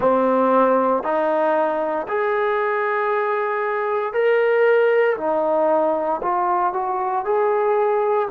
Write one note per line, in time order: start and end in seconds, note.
0.00 1.03 C4
1.03 2.06 D#4
2.07 4.13 G#4
4.13 5.16 A#4
5.17 6.20 D#4
6.22 6.73 F4
6.73 7.25 F#4
7.25 8.28 G#4